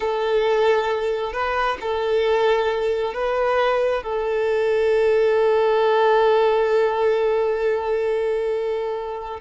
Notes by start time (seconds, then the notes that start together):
0.00 A4
1.32 B4
1.81 A4
3.13 B4
4.03 A4